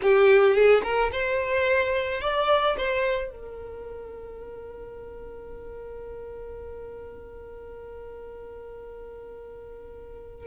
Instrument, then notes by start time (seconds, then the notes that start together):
violin
0.02 G4
0.54 G#4
0.83 A#4
1.12 C5
2.21 D5
2.77 C5
3.31 A#4